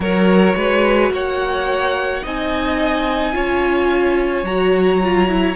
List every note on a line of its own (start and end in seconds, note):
0.00 0.53 F#3
0.00 2.23 F#4
0.00 0.56 A#4
0.00 1.12 C#5
0.56 1.11 G#3
0.56 1.12 B4
1.11 2.22 A#3
1.11 2.23 C#5
1.11 2.25 F#5
2.23 3.33 C4
2.23 3.33 D#4
2.23 3.34 D#5
2.23 4.45 G#5
3.33 4.43 C#4
3.33 4.44 F4
3.33 5.56 C#5
4.43 5.54 F#3
4.43 5.02 F#4
4.43 5.56 A#5
5.02 5.28 F4
5.28 5.55 E4